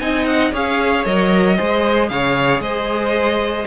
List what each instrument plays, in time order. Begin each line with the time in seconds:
0.00 cello C4, viola D#4, violin D#5 G#5
0.26 violin F#5
0.53 cello C#4, viola G#4, violin C#5 F5
1.05 cello F#3, viola A#4, violin D#5
1.56 cello G#3, viola G#4, violin C5
2.09 cello C#3, violin C#5 F5
2.60 cello G#3, violin C5 D#5